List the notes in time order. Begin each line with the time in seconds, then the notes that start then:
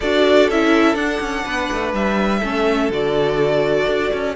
0.00 D4 F#4 A4 D5
0.49 C#4 E4 E5
0.95 D4 F#5
1.20 C#4
1.44 B3 B4
1.71 A3
1.93 G3 E5
2.40 A3 C#4 A4
2.89 D3 F#4 D5
3.87 D4
4.13 C#4